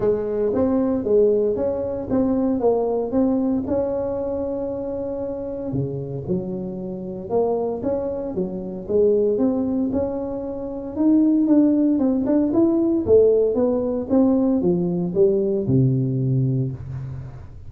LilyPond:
\new Staff \with { instrumentName = "tuba" } { \time 4/4 \tempo 4 = 115 gis4 c'4 gis4 cis'4 | c'4 ais4 c'4 cis'4~ | cis'2. cis4 | fis2 ais4 cis'4 |
fis4 gis4 c'4 cis'4~ | cis'4 dis'4 d'4 c'8 d'8 | e'4 a4 b4 c'4 | f4 g4 c2 | }